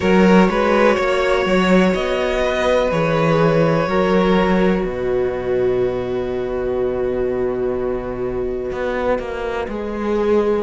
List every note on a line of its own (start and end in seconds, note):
0.00 0.49 F#3
0.00 2.88 F#4
0.00 0.49 A#4
0.00 1.93 C#5
0.49 0.97 G#3
0.49 0.96 B4
0.96 1.45 A#3
0.96 2.41 C#5
1.45 1.94 F#3
1.94 2.91 B3
1.94 2.91 D#5
2.44 3.88 B4
2.91 3.86 E3
2.91 3.87 G#4
2.91 4.85 C#5
3.86 4.83 F#3
3.86 9.69 F#4
3.86 4.85 A#4
4.83 8.71 B2
4.83 10.62 B4
4.83 10.62 D#5
8.71 9.18 B3
9.18 9.67 A#3
9.68 10.62 G#3
9.68 10.62 G#4